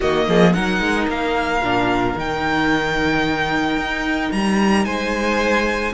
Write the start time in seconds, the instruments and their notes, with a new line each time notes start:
0.00 cello D#3, viola A#3, violin F#4 D#5
0.28 cello F3, violin G#4
0.53 cello F#3, viola D#4, violin A#4 F#5
0.80 cello G#3
1.07 cello A#3, violin F5
1.60 cello A#2, viola D4
2.15 cello D#3, viola D#4, violin G5
3.77 cello D#4
4.32 cello G3, violin A#5
4.85 cello G#3, violin C5 G#5